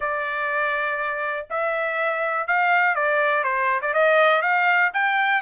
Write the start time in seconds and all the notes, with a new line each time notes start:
0.00 D5
1.50 E5
2.47 F5
2.95 D5
3.43 C5
3.81 D5
3.93 D#5
4.42 F5
4.93 G5